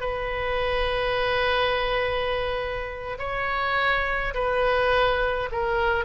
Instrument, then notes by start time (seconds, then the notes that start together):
oboe
0.00 B4
3.18 C#5
4.34 B4
5.51 A#4